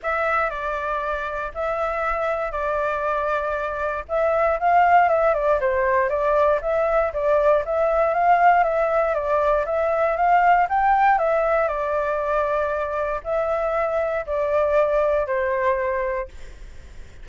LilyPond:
\new Staff \with { instrumentName = "flute" } { \time 4/4 \tempo 4 = 118 e''4 d''2 e''4~ | e''4 d''2. | e''4 f''4 e''8 d''8 c''4 | d''4 e''4 d''4 e''4 |
f''4 e''4 d''4 e''4 | f''4 g''4 e''4 d''4~ | d''2 e''2 | d''2 c''2 | }